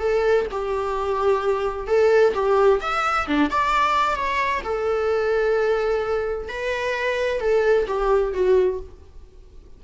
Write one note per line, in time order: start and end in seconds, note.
0.00 0.46 A4
0.51 1.88 G4
1.88 2.34 A4
2.35 2.81 G4
2.81 3.27 E5
3.28 3.51 D4
3.51 4.16 D5
4.16 4.62 C#5
4.64 6.49 A4
6.49 7.41 B4
7.41 7.87 A4
7.87 8.33 G4
8.34 8.80 F#4